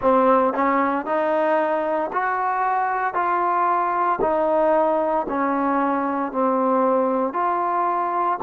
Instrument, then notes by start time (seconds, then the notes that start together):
trombone
0.01 C4
0.53 C#4
1.05 D#4
2.12 F#4
3.13 F4
4.21 D#4
5.29 C#4
6.32 C4
7.33 F4